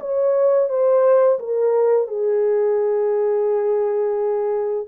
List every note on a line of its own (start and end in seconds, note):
0.00 0.69 C#5
0.69 1.39 C5
1.39 2.08 A#4
2.08 4.87 G#4